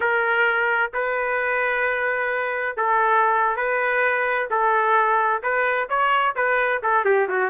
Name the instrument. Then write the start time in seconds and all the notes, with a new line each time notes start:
trumpet
0.00 A#4
0.93 B4
2.77 A4
3.56 B4
4.50 A4
5.42 B4
5.89 C#5
6.35 B4
6.82 A4
7.04 G4
7.28 F#4